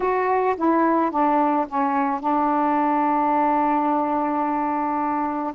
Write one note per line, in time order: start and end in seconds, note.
0.00 0.55 F#4
0.56 1.10 E4
1.10 1.66 D4
1.68 2.20 C#4
2.20 5.53 D4